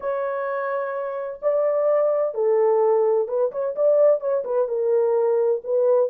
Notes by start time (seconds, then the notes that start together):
0.00 C#5
1.41 D5
2.34 A4
3.27 B4
3.51 C#5
3.75 D5
4.20 C#5
4.44 B4
4.67 A#4
5.64 B4